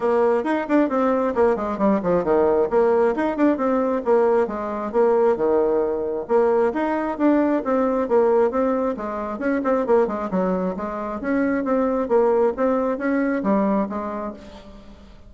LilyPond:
\new Staff \with { instrumentName = "bassoon" } { \time 4/4 \tempo 4 = 134 ais4 dis'8 d'8 c'4 ais8 gis8 | g8 f8 dis4 ais4 dis'8 d'8 | c'4 ais4 gis4 ais4 | dis2 ais4 dis'4 |
d'4 c'4 ais4 c'4 | gis4 cis'8 c'8 ais8 gis8 fis4 | gis4 cis'4 c'4 ais4 | c'4 cis'4 g4 gis4 | }